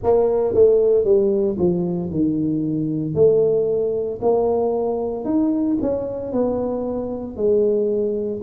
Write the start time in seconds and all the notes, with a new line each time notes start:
0.02 A#3
0.54 A3
1.04 G3
1.58 F3
2.10 D#3
3.14 A3
4.21 A#3
5.24 D#4
5.81 C#4
6.32 B3
7.36 G#3